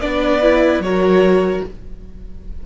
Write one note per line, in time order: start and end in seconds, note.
0.00 0.79 B3
0.00 0.42 D4
0.00 0.83 B4
0.00 0.81 D5
0.42 0.83 E4
0.79 1.60 F#3
0.79 1.66 F#4
0.79 1.66 A#4
0.79 1.63 C#5